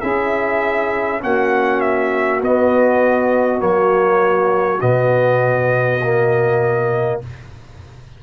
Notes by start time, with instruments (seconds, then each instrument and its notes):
0.00 tuba C#4, trombone E4, saxophone G#4, trumpet E5
1.20 tuba A#3, trombone C#4, saxophone F#4, trumpet F#5
1.80 trumpet E5
2.41 tuba B3, trombone B3, trumpet D#5
3.59 tuba F#3, trombone A#3, trumpet C#5
4.80 tuba B2, trombone B3, trumpet D#5
6.03 trombone A#3